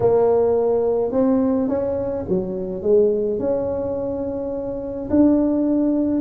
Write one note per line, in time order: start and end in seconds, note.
0.00 1.11 A#3
1.11 1.68 C4
1.68 2.25 C#4
2.28 2.82 F#3
2.82 3.39 G#3
3.39 5.09 C#4
5.10 6.21 D4